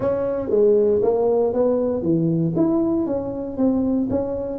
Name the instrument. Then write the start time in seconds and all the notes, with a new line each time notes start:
tuba
0.00 C#4
0.50 G#3
1.02 A#3
1.53 B3
2.02 E3
2.56 E4
3.06 C#4
3.57 C4
4.10 C#4